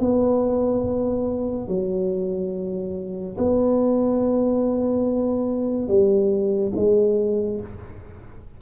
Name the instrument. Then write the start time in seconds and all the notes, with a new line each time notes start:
tuba
0.00 B3
1.68 F#3
3.38 B3
5.88 G3
6.76 G#3